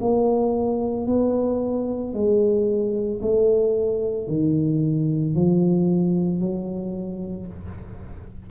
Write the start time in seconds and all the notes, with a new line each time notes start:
0.00 A#3
1.06 B3
2.13 G#3
3.21 A3
4.27 D#3
5.34 F3
6.39 F#3